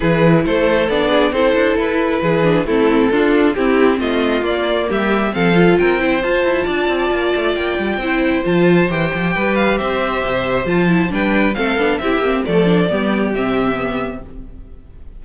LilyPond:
<<
  \new Staff \with { instrumentName = "violin" } { \time 4/4 \tempo 4 = 135 b'4 c''4 d''4 c''4 | b'2 a'2 | g'4 dis''4 d''4 e''4 | f''4 g''4 a''2~ |
a''4 g''2 a''4 | g''4. f''8 e''2 | a''4 g''4 f''4 e''4 | d''2 e''2 | }
  \new Staff \with { instrumentName = "violin" } { \time 4/4 gis'4 a'4. gis'8 a'4~ | a'4 gis'4 e'4 f'4 | e'4 f'2 g'4 | a'4 ais'8 c''4. d''4~ |
d''2 c''2~ | c''4 b'4 c''2~ | c''4 b'4 a'4 g'4 | a'4 g'2. | }
  \new Staff \with { instrumentName = "viola" } { \time 4/4 e'2 d'4 e'4~ | e'4. d'8 c'4 d'4 | c'2 ais2 | c'8 f'4 e'8 f'2~ |
f'2 e'4 f'4 | g'1 | f'8 e'8 d'4 c'8 d'8 e'8 c'8 | a8 d'8 b4 c'4 b4 | }
  \new Staff \with { instrumentName = "cello" } { \time 4/4 e4 a4 b4 c'8 d'8 | e'4 e4 a4 d'4 | c'4 a4 ais4 g4 | f4 c'4 f'8 e'8 d'8 c'8 |
ais8 a8 ais8 g8 c'4 f4 | e8 f8 g4 c'4 c4 | f4 g4 a8 b8 c'8 ais8 | f4 g4 c2 | }
>>